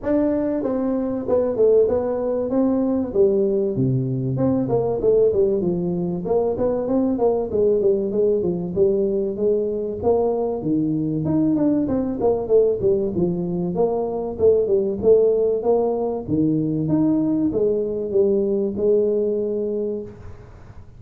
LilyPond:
\new Staff \with { instrumentName = "tuba" } { \time 4/4 \tempo 4 = 96 d'4 c'4 b8 a8 b4 | c'4 g4 c4 c'8 ais8 | a8 g8 f4 ais8 b8 c'8 ais8 | gis8 g8 gis8 f8 g4 gis4 |
ais4 dis4 dis'8 d'8 c'8 ais8 | a8 g8 f4 ais4 a8 g8 | a4 ais4 dis4 dis'4 | gis4 g4 gis2 | }